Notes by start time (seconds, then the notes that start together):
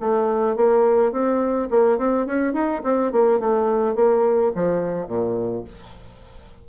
0.00 A3
0.56 A#3
1.12 C4
1.71 A#3
1.98 C4
2.26 C#4
2.53 D#4
2.84 C4
3.12 A#3
3.40 A3
3.95 A#3
4.55 F3
5.07 A#2